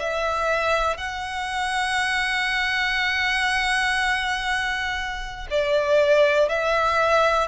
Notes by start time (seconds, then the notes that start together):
0.00 E5
0.98 F#5
5.50 D5
6.49 E5